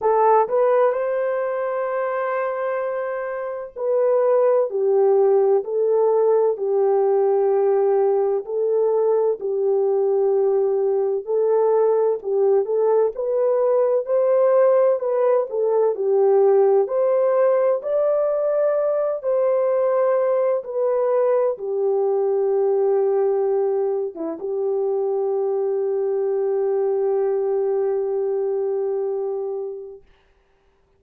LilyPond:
\new Staff \with { instrumentName = "horn" } { \time 4/4 \tempo 4 = 64 a'8 b'8 c''2. | b'4 g'4 a'4 g'4~ | g'4 a'4 g'2 | a'4 g'8 a'8 b'4 c''4 |
b'8 a'8 g'4 c''4 d''4~ | d''8 c''4. b'4 g'4~ | g'4.~ g'16 e'16 g'2~ | g'1 | }